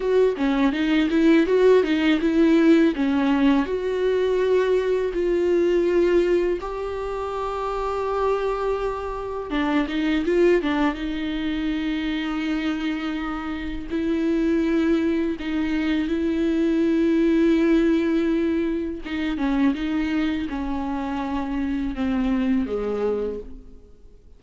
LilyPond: \new Staff \with { instrumentName = "viola" } { \time 4/4 \tempo 4 = 82 fis'8 cis'8 dis'8 e'8 fis'8 dis'8 e'4 | cis'4 fis'2 f'4~ | f'4 g'2.~ | g'4 d'8 dis'8 f'8 d'8 dis'4~ |
dis'2. e'4~ | e'4 dis'4 e'2~ | e'2 dis'8 cis'8 dis'4 | cis'2 c'4 gis4 | }